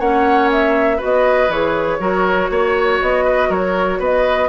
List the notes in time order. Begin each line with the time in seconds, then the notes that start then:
0.00 A#3 C#4 C#5 F#5
0.52 E5
0.98 F#4 B4
1.04 B3 D#5
1.49 E3 G#4 C#5
2.00 F#3 F#4 A#4
2.51 A#3 C#5
3.02 B3 D#5
3.25 B4
3.49 F#3 A#4 C#5
4.00 B3 B4 D#5